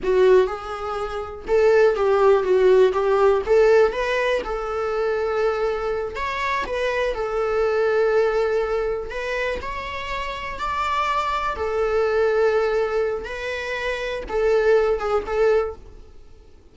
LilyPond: \new Staff \with { instrumentName = "viola" } { \time 4/4 \tempo 4 = 122 fis'4 gis'2 a'4 | g'4 fis'4 g'4 a'4 | b'4 a'2.~ | a'8 cis''4 b'4 a'4.~ |
a'2~ a'8 b'4 cis''8~ | cis''4. d''2 a'8~ | a'2. b'4~ | b'4 a'4. gis'8 a'4 | }